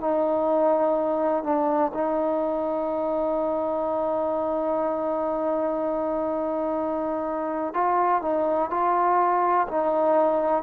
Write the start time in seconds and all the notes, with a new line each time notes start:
0.00 D#4
1.43 D4
1.94 D#4
7.74 F4
8.22 D#4
8.70 F4
9.68 D#4